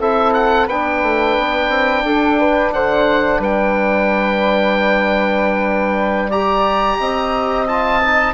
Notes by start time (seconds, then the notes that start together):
0.00 C4 E4 A4 E5
0.34 F#5
0.67 B3 D4 B4 G5
1.03 A3
1.39 B3
1.69 C4
2.05 D4 A4
2.39 B4
2.73 D3 C5 F#5
3.39 G3 B4 G5
6.30 G4 D5 A#5
6.99 C4 D#5
7.68 F4 A5
8.03 D#4